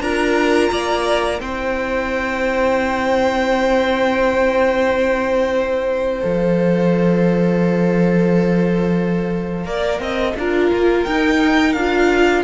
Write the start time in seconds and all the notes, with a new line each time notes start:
0.00 D4 F4 A#4 A#5
0.71 A#3 D5
1.38 C4 E4 C5 G5
6.20 F3 A4 F5
9.64 A#3 A#4 D5
9.99 C4 D#5
10.36 D4 F4 A#4
10.71 A#3
11.04 D#4 G5
11.72 D4 F4 F5